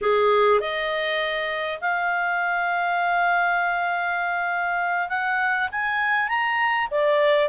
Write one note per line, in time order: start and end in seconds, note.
0.01 0.60 G#4
0.60 1.80 D#5
1.80 5.08 F5
5.08 5.68 F#5
5.71 6.28 G#5
6.28 6.88 A#5
6.91 7.49 D5